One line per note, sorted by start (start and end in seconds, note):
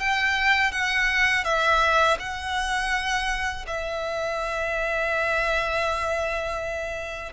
0.00 0.72 G5
0.72 1.45 F#5
1.45 2.18 E5
2.20 3.66 F#5
3.67 7.33 E5